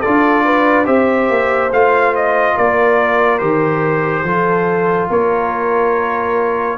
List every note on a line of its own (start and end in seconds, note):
0.00 0.87 D4
0.00 0.85 F4
0.00 0.42 A4
0.00 0.85 D5
0.44 0.85 B4
0.85 1.29 C4
0.85 1.69 G4
0.85 2.54 C5
0.85 1.71 E5
1.29 1.71 A#3
1.71 2.56 A3
1.71 3.39 F4
1.71 2.15 F5
2.15 2.57 D#5
2.55 3.41 A#3
2.55 4.24 A#4
2.55 3.38 D5
3.38 4.23 D#3
3.38 4.24 G4
3.38 5.07 C5
4.23 5.08 F3
4.23 6.78 F4
4.23 5.09 A4
5.09 6.78 A#3
5.09 6.78 A#4
5.09 6.78 C#5